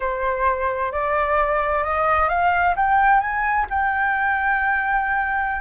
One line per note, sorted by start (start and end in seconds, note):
0.00 0.92 C5
0.92 1.83 D5
1.83 2.29 D#5
2.29 2.74 F5
2.76 3.20 G5
3.20 3.66 G#5
3.70 5.61 G5